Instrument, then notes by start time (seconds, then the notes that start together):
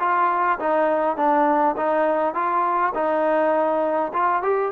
trombone
0.00 F4
0.59 D#4
1.17 D4
1.77 D#4
2.34 F4
2.94 D#4
4.14 F4
4.43 G4